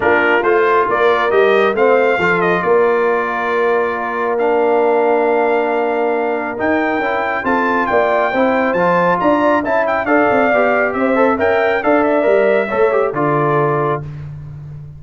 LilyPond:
<<
  \new Staff \with { instrumentName = "trumpet" } { \time 4/4 \tempo 4 = 137 ais'4 c''4 d''4 dis''4 | f''4. dis''8 d''2~ | d''2 f''2~ | f''2. g''4~ |
g''4 a''4 g''2 | a''4 ais''4 a''8 g''8 f''4~ | f''4 e''4 g''4 f''8 e''8~ | e''2 d''2 | }
  \new Staff \with { instrumentName = "horn" } { \time 4/4 f'2 ais'2 | c''4 a'4 ais'2~ | ais'1~ | ais'1~ |
ais'4 a'4 d''4 c''4~ | c''4 d''4 e''4 d''4~ | d''4 c''4 e''4 d''4~ | d''4 cis''4 a'2 | }
  \new Staff \with { instrumentName = "trombone" } { \time 4/4 d'4 f'2 g'4 | c'4 f'2.~ | f'2 d'2~ | d'2. dis'4 |
e'4 f'2 e'4 | f'2 e'4 a'4 | g'4. a'8 ais'4 a'4 | ais'4 a'8 g'8 f'2 | }
  \new Staff \with { instrumentName = "tuba" } { \time 4/4 ais4 a4 ais4 g4 | a4 f4 ais2~ | ais1~ | ais2. dis'4 |
cis'4 c'4 ais4 c'4 | f4 d'4 cis'4 d'8 c'8 | b4 c'4 cis'4 d'4 | g4 a4 d2 | }
>>